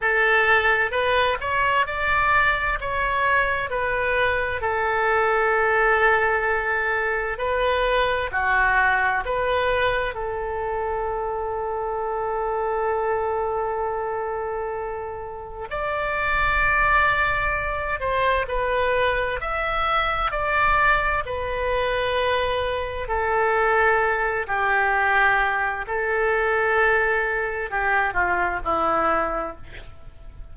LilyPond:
\new Staff \with { instrumentName = "oboe" } { \time 4/4 \tempo 4 = 65 a'4 b'8 cis''8 d''4 cis''4 | b'4 a'2. | b'4 fis'4 b'4 a'4~ | a'1~ |
a'4 d''2~ d''8 c''8 | b'4 e''4 d''4 b'4~ | b'4 a'4. g'4. | a'2 g'8 f'8 e'4 | }